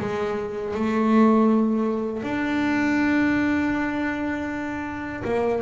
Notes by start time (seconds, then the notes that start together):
0.00 G#3
0.75 A3
2.23 D4
5.25 A#3